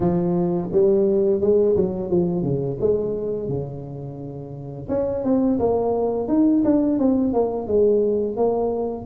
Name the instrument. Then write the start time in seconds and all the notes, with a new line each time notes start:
tuba
0.00 F3
0.72 G3
1.40 G#3
1.76 F#3
2.10 F3
2.43 C#3
2.80 G#3
3.49 C#3
4.88 C#4
5.24 C4
5.59 A#3
6.28 D#4
6.64 D4
6.98 C4
7.33 A#3
7.67 G#3
8.36 A#3